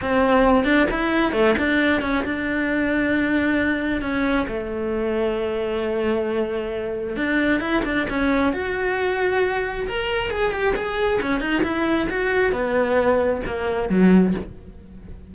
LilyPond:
\new Staff \with { instrumentName = "cello" } { \time 4/4 \tempo 4 = 134 c'4. d'8 e'4 a8 d'8~ | d'8 cis'8 d'2.~ | d'4 cis'4 a2~ | a1 |
d'4 e'8 d'8 cis'4 fis'4~ | fis'2 ais'4 gis'8 g'8 | gis'4 cis'8 dis'8 e'4 fis'4 | b2 ais4 fis4 | }